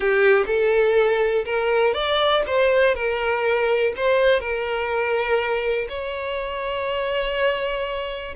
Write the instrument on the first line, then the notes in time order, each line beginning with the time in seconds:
violin
0.00 G4
0.46 A4
1.45 A#4
1.94 D5
2.46 C5
2.94 A#4
3.96 C5
4.39 A#4
5.88 C#5